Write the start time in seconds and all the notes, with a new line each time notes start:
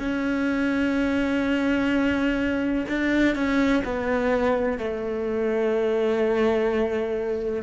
0.00 C#4
2.89 D4
3.35 C#4
3.84 B3
4.78 A3